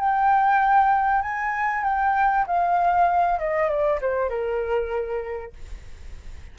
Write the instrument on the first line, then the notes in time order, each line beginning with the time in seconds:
flute
0.00 G5
1.22 G#5
1.84 G5
2.47 F5
3.40 D#5
3.69 D5
4.01 C5
4.30 A#4